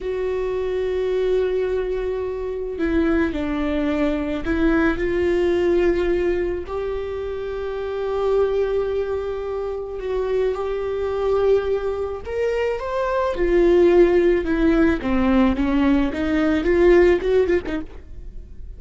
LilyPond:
\new Staff \with { instrumentName = "viola" } { \time 4/4 \tempo 4 = 108 fis'1~ | fis'4 e'4 d'2 | e'4 f'2. | g'1~ |
g'2 fis'4 g'4~ | g'2 ais'4 c''4 | f'2 e'4 c'4 | cis'4 dis'4 f'4 fis'8 f'16 dis'16 | }